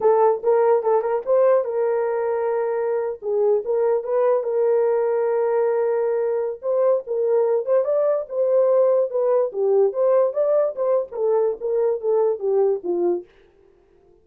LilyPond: \new Staff \with { instrumentName = "horn" } { \time 4/4 \tempo 4 = 145 a'4 ais'4 a'8 ais'8 c''4 | ais'2.~ ais'8. gis'16~ | gis'8. ais'4 b'4 ais'4~ ais'16~ | ais'1 |
c''4 ais'4. c''8 d''4 | c''2 b'4 g'4 | c''4 d''4 c''8. ais'16 a'4 | ais'4 a'4 g'4 f'4 | }